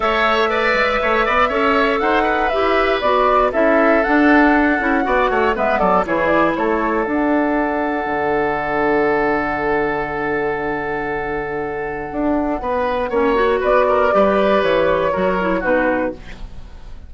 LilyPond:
<<
  \new Staff \with { instrumentName = "flute" } { \time 4/4 \tempo 4 = 119 e''1 | fis''4 e''4 d''4 e''4 | fis''2. e''8 d''8 | cis''8 d''8 cis''4 fis''2~ |
fis''1~ | fis''1~ | fis''2. d''4~ | d''4 cis''2 b'4 | }
  \new Staff \with { instrumentName = "oboe" } { \time 4/4 cis''4 d''4 cis''8 d''8 cis''4 | c''8 b'2~ b'8 a'4~ | a'2 d''8 cis''8 b'8 a'8 | gis'4 a'2.~ |
a'1~ | a'1~ | a'4 b'4 cis''4 b'8 ais'8 | b'2 ais'4 fis'4 | }
  \new Staff \with { instrumentName = "clarinet" } { \time 4/4 a'4 b'2 a'4~ | a'4 g'4 fis'4 e'4 | d'4. e'8 fis'4 b4 | e'2 d'2~ |
d'1~ | d'1~ | d'2 cis'8 fis'4. | g'2 fis'8 e'8 dis'4 | }
  \new Staff \with { instrumentName = "bassoon" } { \time 4/4 a4. gis8 a8 b8 cis'4 | dis'4 e'4 b4 cis'4 | d'4. cis'8 b8 a8 gis8 fis8 | e4 a4 d'2 |
d1~ | d1 | d'4 b4 ais4 b4 | g4 e4 fis4 b,4 | }
>>